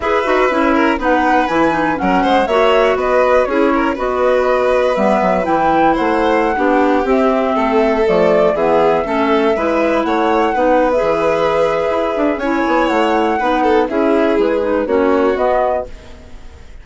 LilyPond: <<
  \new Staff \with { instrumentName = "flute" } { \time 4/4 \tempo 4 = 121 e''2 fis''4 gis''4 | fis''4 e''4 dis''4 cis''4 | dis''2 e''4 g''4 | fis''2~ fis''16 e''4.~ e''16~ |
e''16 d''4 e''2~ e''8.~ | e''16 fis''4.~ fis''16 e''2~ | e''4 gis''4 fis''2 | e''4 b'4 cis''4 dis''4 | }
  \new Staff \with { instrumentName = "violin" } { \time 4/4 b'4. ais'8 b'2 | ais'8 c''8 cis''4 b'4 gis'8 ais'8 | b'1 | c''4~ c''16 g'2 a'8.~ |
a'4~ a'16 gis'4 a'4 b'8.~ | b'16 cis''4 b'2~ b'8.~ | b'4 cis''2 b'8 a'8 | gis'2 fis'2 | }
  \new Staff \with { instrumentName = "clarinet" } { \time 4/4 gis'8 fis'8 e'4 dis'4 e'8 dis'8 | cis'4 fis'2 e'4 | fis'2 b4 e'4~ | e'4~ e'16 d'4 c'4.~ c'16~ |
c'16 a4 b4 cis'4 e'8.~ | e'4~ e'16 dis'8. gis'2~ | gis'4 e'2 dis'4 | e'4. dis'8 cis'4 b4 | }
  \new Staff \with { instrumentName = "bassoon" } { \time 4/4 e'8 dis'8 cis'4 b4 e4 | fis8 gis8 ais4 b4 cis'4 | b2 g8 fis8 e4 | a4~ a16 b4 c'4 a8.~ |
a16 f4 e4 a4 gis8.~ | gis16 a4 b4 e4.~ e16 | e'8 d'8 cis'8 b8 a4 b4 | cis'4 gis4 ais4 b4 | }
>>